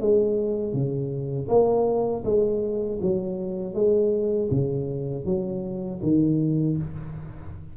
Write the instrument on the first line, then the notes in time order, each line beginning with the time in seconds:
tuba
0.00 G#3
0.73 C#3
1.48 A#3
2.24 G#3
3.01 F#3
3.74 G#3
4.50 C#3
5.25 F#3
6.02 D#3